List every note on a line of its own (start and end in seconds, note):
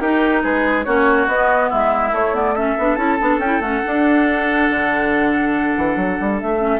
0.00 0.43 D#4
0.00 0.86 D#4
0.00 0.43 G4
0.00 0.43 A#4
0.43 0.86 G#3
0.43 0.85 G#4
0.43 0.84 B4
0.84 1.27 A#3
0.84 1.28 C#4
0.84 1.70 F#4
0.84 1.26 C#5
1.27 1.70 B3
1.27 2.13 B3
1.27 1.70 D#5
1.70 2.12 G#3
1.70 2.55 E4
1.70 2.15 E5
2.12 2.76 A3
2.12 2.34 A3
2.12 2.36 C#5
2.34 2.55 B3
2.34 2.56 D5
2.55 2.78 C#4
2.55 6.80 A4
2.55 2.96 E5
2.78 2.97 B3
2.78 2.97 D4
2.96 3.18 C#4
2.96 3.19 E4
2.96 3.38 A5
3.20 3.38 B3
3.20 3.41 D4
3.38 3.60 C#4
3.38 3.61 G5
3.45 3.61 E4
3.60 3.82 A3
3.60 3.83 C#4
3.60 6.38 F#5
3.83 6.58 D4
3.83 4.70 D4
4.70 5.77 D3
5.77 5.96 E3
5.96 6.18 F#3
6.21 6.42 G3
6.40 6.80 A3
6.40 6.80 E5
6.58 6.80 C#4